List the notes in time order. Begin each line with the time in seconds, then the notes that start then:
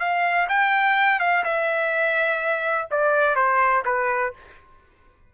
0.00 F5
0.49 G5
1.20 F5
1.44 E5
2.91 D5
3.36 C5
3.86 B4